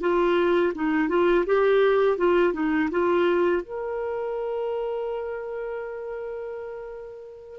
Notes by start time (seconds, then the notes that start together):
0.00 F4
0.74 D#4
1.08 F4
1.46 G4
2.17 F4
2.53 D#4
2.90 F4
3.62 A#4